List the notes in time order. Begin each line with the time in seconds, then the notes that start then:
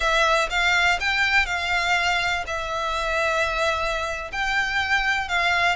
0.00 E5
0.49 F5
0.99 G5
1.46 F5
2.46 E5
4.32 G5
5.28 F5